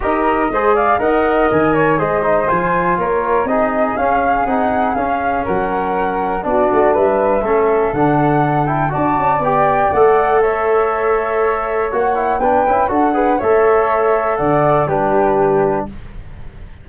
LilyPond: <<
  \new Staff \with { instrumentName = "flute" } { \time 4/4 \tempo 4 = 121 dis''4. f''8 fis''4 gis''4 | dis''4 gis''4 cis''4 dis''4 | f''4 fis''4 f''4 fis''4~ | fis''4 d''4 e''2 |
fis''4. g''8 a''4 g''4 | fis''4 e''2. | fis''4 g''4 fis''4 e''4~ | e''4 fis''4 b'2 | }
  \new Staff \with { instrumentName = "flute" } { \time 4/4 ais'4 c''8 d''8 dis''4. cis''8 | c''2 ais'4 gis'4~ | gis'2. ais'4~ | ais'4 fis'4 b'4 a'4~ |
a'2 d''2~ | d''4 cis''2.~ | cis''4 b'4 a'8 b'8 cis''4~ | cis''4 d''4 g'2 | }
  \new Staff \with { instrumentName = "trombone" } { \time 4/4 g'4 gis'4 ais'2 | gis'8 dis'8 f'2 dis'4 | cis'4 dis'4 cis'2~ | cis'4 d'2 cis'4 |
d'4. e'8 fis'4 g'4 | a'1 | fis'8 e'8 d'8 e'8 fis'8 gis'8 a'4~ | a'2 d'2 | }
  \new Staff \with { instrumentName = "tuba" } { \time 4/4 dis'4 gis4 dis'4 dis4 | gis4 f4 ais4 c'4 | cis'4 c'4 cis'4 fis4~ | fis4 b8 a8 g4 a4 |
d2 d'8 cis'8 b4 | a1 | ais4 b8 cis'8 d'4 a4~ | a4 d4 g2 | }
>>